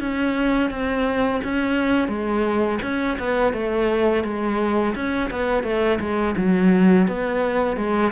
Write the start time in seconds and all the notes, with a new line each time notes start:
0.00 C#4
0.71 C4
1.44 C#4
2.09 G#3
2.83 C#4
3.19 B3
3.54 A3
4.24 G#3
4.95 C#4
5.31 B3
5.64 A3
6.00 G#3
6.38 F#3
7.08 B3
7.77 G#3